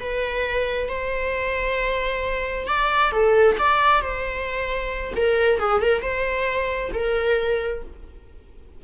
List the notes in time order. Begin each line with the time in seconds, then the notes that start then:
0.00 B4
0.88 C5
2.68 D5
3.12 A4
3.58 D5
4.02 C5
5.16 A#4
5.59 G#4
5.81 A#4
6.02 C5
6.93 A#4